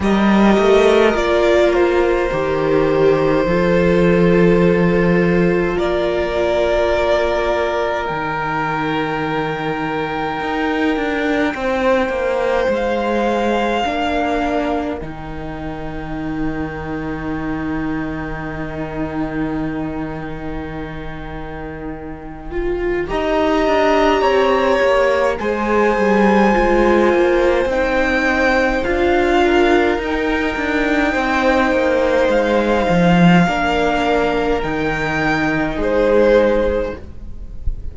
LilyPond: <<
  \new Staff \with { instrumentName = "violin" } { \time 4/4 \tempo 4 = 52 dis''4 d''8 c''2~ c''8~ | c''4 d''2 g''4~ | g''2. f''4~ | f''4 g''2.~ |
g''1 | ais''2 gis''2 | g''4 f''4 g''2 | f''2 g''4 c''4 | }
  \new Staff \with { instrumentName = "violin" } { \time 4/4 ais'2. a'4~ | a'4 ais'2.~ | ais'2 c''2 | ais'1~ |
ais'1 | dis''4 cis''4 c''2~ | c''4. ais'4. c''4~ | c''4 ais'2 gis'4 | }
  \new Staff \with { instrumentName = "viola" } { \time 4/4 g'4 f'4 g'4 f'4~ | f'2. dis'4~ | dis'1 | d'4 dis'2.~ |
dis'2.~ dis'8 f'8 | g'2 gis'4 f'4 | dis'4 f'4 dis'2~ | dis'4 d'4 dis'2 | }
  \new Staff \with { instrumentName = "cello" } { \time 4/4 g8 a8 ais4 dis4 f4~ | f4 ais2 dis4~ | dis4 dis'8 d'8 c'8 ais8 gis4 | ais4 dis2.~ |
dis1 | dis'8 d'8 c'8 ais8 gis8 g8 gis8 ais8 | c'4 d'4 dis'8 d'8 c'8 ais8 | gis8 f8 ais4 dis4 gis4 | }
>>